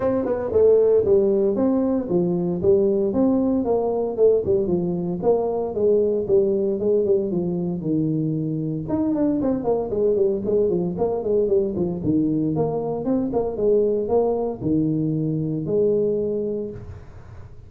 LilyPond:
\new Staff \with { instrumentName = "tuba" } { \time 4/4 \tempo 4 = 115 c'8 b8 a4 g4 c'4 | f4 g4 c'4 ais4 | a8 g8 f4 ais4 gis4 | g4 gis8 g8 f4 dis4~ |
dis4 dis'8 d'8 c'8 ais8 gis8 g8 | gis8 f8 ais8 gis8 g8 f8 dis4 | ais4 c'8 ais8 gis4 ais4 | dis2 gis2 | }